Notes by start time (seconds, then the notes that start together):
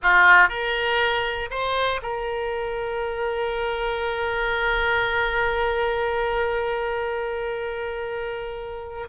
0.02 F4
0.49 A#4
1.50 C5
2.02 A#4